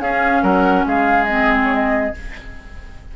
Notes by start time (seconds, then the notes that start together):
0.00 C#4 G#4 F5
0.43 F#3 A#4 F#5
0.87 G#3 G#4 F5
1.25 C4 D#5
1.65 C#5
1.74 D#5